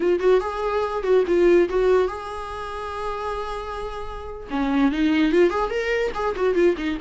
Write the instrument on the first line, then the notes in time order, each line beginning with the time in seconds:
viola
0.00 F4
0.19 F#4
0.40 G#4
1.03 F#4
1.27 F4
1.69 F#4
2.08 G#4
4.50 C#4
4.91 D#4
5.32 F4
5.50 G#4
5.70 A#4
6.14 G#4
6.36 F#4
6.54 F4
6.77 D#4